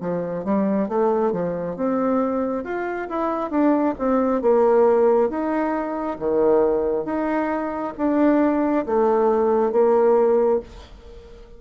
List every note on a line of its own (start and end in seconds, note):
0.00 0.44 F3
0.44 0.88 G3
0.88 1.32 A3
1.32 1.76 F3
1.76 2.64 C4
2.64 3.08 F4
3.08 3.50 E4
3.50 3.94 D4
3.98 4.42 C4
4.42 5.29 A#3
5.29 6.17 D#4
6.18 7.04 D#3
7.04 7.93 D#4
7.97 8.86 D4
8.86 9.71 A3
9.71 10.60 A#3